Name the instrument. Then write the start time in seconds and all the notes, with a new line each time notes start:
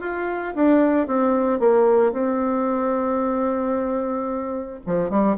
bassoon
0.00 F4
0.55 D4
1.07 C4
1.59 A#3
2.12 C4
4.86 F3
5.10 G3